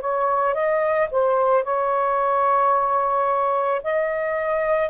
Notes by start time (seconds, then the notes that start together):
0.00 C#5
0.54 D#5
1.11 C5
1.63 C#5
3.83 D#5